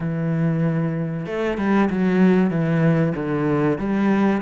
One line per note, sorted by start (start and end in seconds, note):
0.00 1.26 E3
1.26 1.57 A3
1.57 1.89 G3
1.90 2.50 F#3
2.50 3.13 E3
3.15 3.78 D3
3.78 4.41 G3